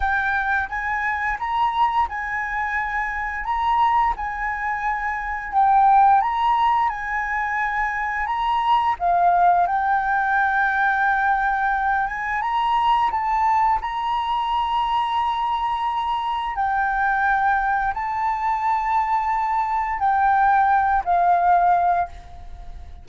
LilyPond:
\new Staff \with { instrumentName = "flute" } { \time 4/4 \tempo 4 = 87 g''4 gis''4 ais''4 gis''4~ | gis''4 ais''4 gis''2 | g''4 ais''4 gis''2 | ais''4 f''4 g''2~ |
g''4. gis''8 ais''4 a''4 | ais''1 | g''2 a''2~ | a''4 g''4. f''4. | }